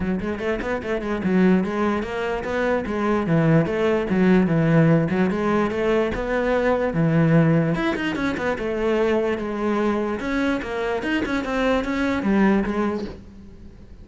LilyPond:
\new Staff \with { instrumentName = "cello" } { \time 4/4 \tempo 4 = 147 fis8 gis8 a8 b8 a8 gis8 fis4 | gis4 ais4 b4 gis4 | e4 a4 fis4 e4~ | e8 fis8 gis4 a4 b4~ |
b4 e2 e'8 dis'8 | cis'8 b8 a2 gis4~ | gis4 cis'4 ais4 dis'8 cis'8 | c'4 cis'4 g4 gis4 | }